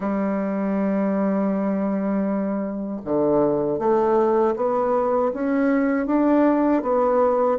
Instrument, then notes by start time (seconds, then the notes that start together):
bassoon
0.00 G3
3.04 D3
3.78 A3
4.56 B3
5.33 C#4
6.06 D4
6.82 B3